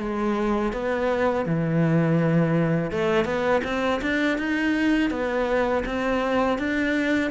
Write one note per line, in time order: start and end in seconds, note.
0.00 0.73 G#3
0.73 1.46 B3
1.46 2.91 E3
2.91 3.25 A3
3.25 3.62 B3
3.65 4.01 C4
4.02 4.38 D4
4.38 5.11 D#4
5.11 5.84 B3
5.86 6.59 C4
6.59 7.31 D4